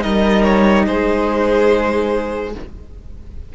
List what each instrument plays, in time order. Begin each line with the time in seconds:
0.00 cello G3, viola D#4, violin A#4 D#5
0.44 violin C#5
0.86 cello G#3, violin G#4 C5